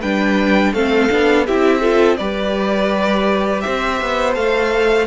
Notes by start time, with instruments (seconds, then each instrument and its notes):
0.00 cello G3, viola D4, violin B4 G5
0.72 cello A3, viola C4, violin A4 F5
1.10 cello B3, viola D4
1.46 cello C4, viola E4, violin G4 E5
1.80 viola F4, violin A4
2.17 cello G3, viola G4, violin B4 D5
3.61 cello C4, violin C5 E5
4.01 cello B3
4.33 cello A3, viola A4, violin F5